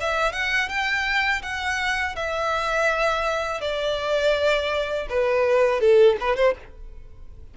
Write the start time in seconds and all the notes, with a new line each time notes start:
0.00 E5
0.32 F#5
0.69 G5
1.42 F#5
2.15 E5
3.61 D5
5.09 B4
5.80 A4
6.20 B4
6.36 C5